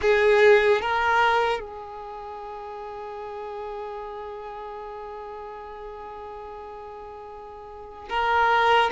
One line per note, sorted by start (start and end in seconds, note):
0.01 0.81 G#4
0.81 1.60 A#4
1.60 8.09 G#4
8.09 8.90 A#4